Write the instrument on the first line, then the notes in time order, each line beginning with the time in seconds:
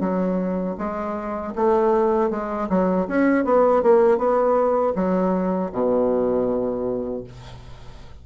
bassoon
0.00 F#3
0.78 G#3
1.55 A3
2.30 G#3
2.69 F#3
3.08 C#4
3.45 B3
3.83 A#3
4.17 B3
4.95 F#3
5.72 B2